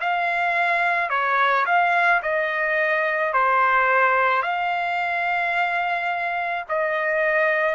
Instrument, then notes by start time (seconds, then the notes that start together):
trumpet
0.00 F5
1.10 C#5
1.65 F5
2.22 D#5
3.33 C5
4.42 F5
6.68 D#5